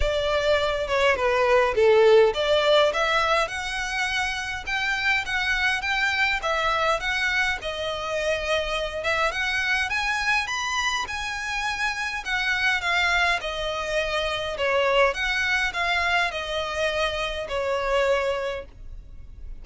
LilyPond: \new Staff \with { instrumentName = "violin" } { \time 4/4 \tempo 4 = 103 d''4. cis''8 b'4 a'4 | d''4 e''4 fis''2 | g''4 fis''4 g''4 e''4 | fis''4 dis''2~ dis''8 e''8 |
fis''4 gis''4 b''4 gis''4~ | gis''4 fis''4 f''4 dis''4~ | dis''4 cis''4 fis''4 f''4 | dis''2 cis''2 | }